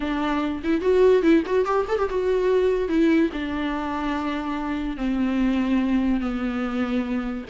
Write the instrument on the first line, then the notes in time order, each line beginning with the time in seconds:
viola
0.00 D4
0.63 E4
0.81 F#4
1.22 E4
1.45 F#4
1.65 G4
1.88 A4
1.98 G4
2.09 F#4
2.88 E4
3.32 D4
4.96 C4
6.20 B3